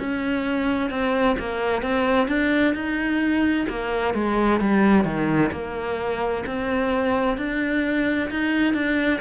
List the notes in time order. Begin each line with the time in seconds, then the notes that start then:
0.00 C#4
0.91 C4
1.39 A#3
1.83 C4
2.28 D4
2.75 D#4
3.69 A#3
4.15 G#3
4.60 G3
5.05 D#3
5.53 A#3
6.47 C4
7.38 D4
8.31 D#4
8.74 D4